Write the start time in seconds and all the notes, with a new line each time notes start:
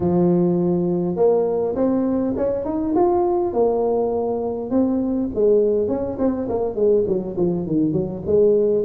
0.00 F3
1.16 A#3
1.75 C4
2.36 C#4
2.65 D#4
2.95 F4
3.53 A#3
4.70 C4
5.34 G#3
5.88 C#4
6.18 C4
6.48 A#3
6.75 G#3
7.07 F#3
7.37 F3
7.66 D#3
7.92 F#3
8.26 G#3